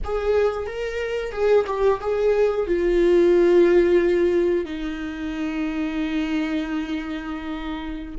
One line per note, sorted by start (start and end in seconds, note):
0.04 0.66 G#4
0.66 1.32 A#4
1.32 1.65 G#4
1.67 2.00 G4
2.00 2.66 G#4
2.66 4.65 F4
4.65 8.15 D#4